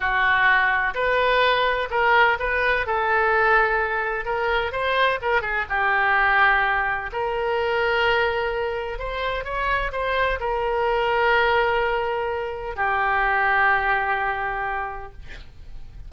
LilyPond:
\new Staff \with { instrumentName = "oboe" } { \time 4/4 \tempo 4 = 127 fis'2 b'2 | ais'4 b'4 a'2~ | a'4 ais'4 c''4 ais'8 gis'8 | g'2. ais'4~ |
ais'2. c''4 | cis''4 c''4 ais'2~ | ais'2. g'4~ | g'1 | }